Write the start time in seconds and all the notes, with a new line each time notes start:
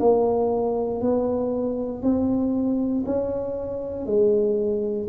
0.00 A#3
1.01 B3
2.02 C4
3.06 C#4
4.06 G#3